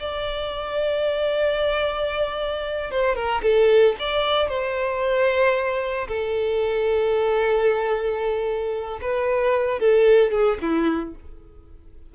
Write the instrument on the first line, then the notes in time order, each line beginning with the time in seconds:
violin
0.00 D5
2.91 C5
3.15 A#4
3.43 A4
3.99 D5
4.49 C5
6.08 A4
9.02 B4
9.80 A4
10.32 G#4
10.62 E4